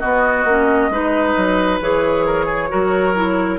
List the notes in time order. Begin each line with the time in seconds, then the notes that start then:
0.00 B3 F#4 D#5
0.45 A#3 C#4
0.89 G#3 D#4 B4
1.37 F#3
1.81 E3 G#4 C#5
2.26 A#4
2.45 G#4
2.69 F#3 F#4 A#4
3.15 E4